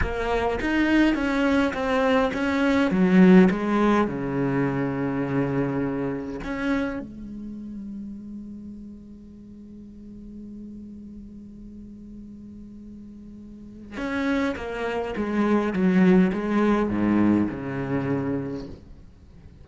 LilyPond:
\new Staff \with { instrumentName = "cello" } { \time 4/4 \tempo 4 = 103 ais4 dis'4 cis'4 c'4 | cis'4 fis4 gis4 cis4~ | cis2. cis'4 | gis1~ |
gis1~ | gis1 | cis'4 ais4 gis4 fis4 | gis4 gis,4 cis2 | }